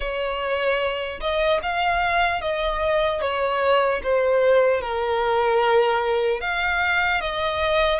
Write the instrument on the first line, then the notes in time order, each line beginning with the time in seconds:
violin
0.00 C#5
1.20 D#5
1.62 F5
2.41 D#5
3.21 C#5
4.03 C5
4.81 A#4
6.40 F5
7.20 D#5